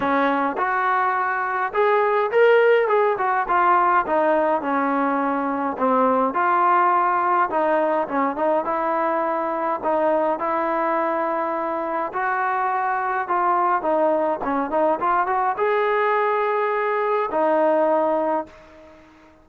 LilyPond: \new Staff \with { instrumentName = "trombone" } { \time 4/4 \tempo 4 = 104 cis'4 fis'2 gis'4 | ais'4 gis'8 fis'8 f'4 dis'4 | cis'2 c'4 f'4~ | f'4 dis'4 cis'8 dis'8 e'4~ |
e'4 dis'4 e'2~ | e'4 fis'2 f'4 | dis'4 cis'8 dis'8 f'8 fis'8 gis'4~ | gis'2 dis'2 | }